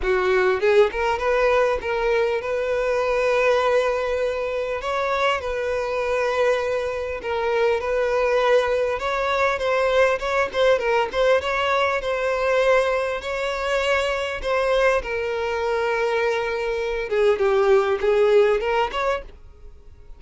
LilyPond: \new Staff \with { instrumentName = "violin" } { \time 4/4 \tempo 4 = 100 fis'4 gis'8 ais'8 b'4 ais'4 | b'1 | cis''4 b'2. | ais'4 b'2 cis''4 |
c''4 cis''8 c''8 ais'8 c''8 cis''4 | c''2 cis''2 | c''4 ais'2.~ | ais'8 gis'8 g'4 gis'4 ais'8 cis''8 | }